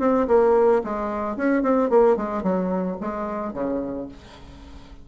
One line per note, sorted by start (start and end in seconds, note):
0.00 0.27 C4
0.28 0.83 A#3
0.84 1.37 G#3
1.37 1.63 C#4
1.63 1.90 C4
1.90 2.17 A#3
2.17 2.43 G#3
2.43 2.98 F#3
3.01 3.54 G#3
3.54 4.09 C#3